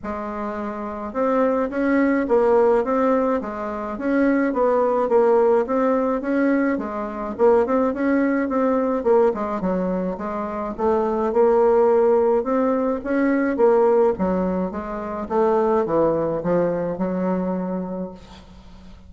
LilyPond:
\new Staff \with { instrumentName = "bassoon" } { \time 4/4 \tempo 4 = 106 gis2 c'4 cis'4 | ais4 c'4 gis4 cis'4 | b4 ais4 c'4 cis'4 | gis4 ais8 c'8 cis'4 c'4 |
ais8 gis8 fis4 gis4 a4 | ais2 c'4 cis'4 | ais4 fis4 gis4 a4 | e4 f4 fis2 | }